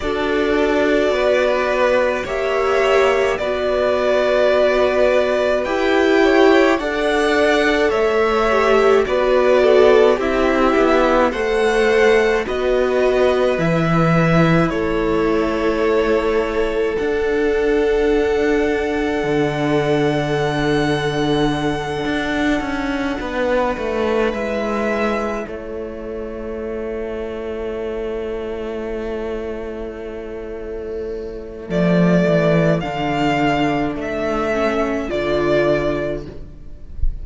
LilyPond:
<<
  \new Staff \with { instrumentName = "violin" } { \time 4/4 \tempo 4 = 53 d''2 e''4 d''4~ | d''4 g''4 fis''4 e''4 | d''4 e''4 fis''4 dis''4 | e''4 cis''2 fis''4~ |
fis''1~ | fis''4. e''4 cis''4.~ | cis''1 | d''4 f''4 e''4 d''4 | }
  \new Staff \with { instrumentName = "violin" } { \time 4/4 a'4 b'4 cis''4 b'4~ | b'4. cis''8 d''4 cis''4 | b'8 a'8 g'4 c''4 b'4~ | b'4 a'2.~ |
a'1~ | a'8 b'2 a'4.~ | a'1~ | a'1 | }
  \new Staff \with { instrumentName = "viola" } { \time 4/4 fis'2 g'4 fis'4~ | fis'4 g'4 a'4. g'8 | fis'4 e'4 a'4 fis'4 | e'2. d'4~ |
d'1~ | d'4. e'2~ e'8~ | e'1 | a4 d'4. cis'8 f'4 | }
  \new Staff \with { instrumentName = "cello" } { \time 4/4 d'4 b4 ais4 b4~ | b4 e'4 d'4 a4 | b4 c'8 b8 a4 b4 | e4 a2 d'4~ |
d'4 d2~ d8 d'8 | cis'8 b8 a8 gis4 a4.~ | a1 | f8 e8 d4 a4 d4 | }
>>